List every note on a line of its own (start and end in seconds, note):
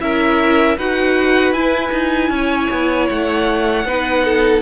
0.00 0.78 C#4
0.00 0.77 E4
0.00 0.77 A#4
0.00 0.78 E5
0.77 1.52 D#4
0.77 1.55 F#4
0.77 2.31 B4
0.77 1.54 F#5
1.52 1.91 E4
1.52 3.86 E4
1.52 3.07 G#5
1.92 2.30 D#4
2.30 2.69 C#4
2.30 3.87 C#5
2.71 3.10 B3
3.10 3.85 A3
3.10 4.63 F#5
3.85 4.62 B3
3.85 4.63 D#4
3.85 4.24 B4
4.24 4.63 A4